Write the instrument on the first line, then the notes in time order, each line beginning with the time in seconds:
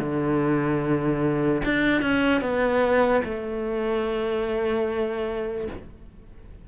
cello
0.00 D3
1.65 D4
2.02 C#4
2.41 B3
3.25 A3